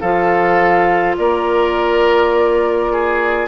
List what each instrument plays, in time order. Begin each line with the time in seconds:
0.00 bassoon F3, clarinet F4, oboe A4, flute F5
1.17 bassoon A#3, oboe A#4, flute D5
2.92 oboe G#4